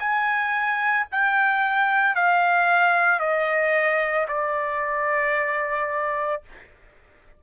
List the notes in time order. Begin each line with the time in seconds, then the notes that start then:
0.00 G#5
1.12 G5
2.15 F5
3.20 D#5
4.29 D5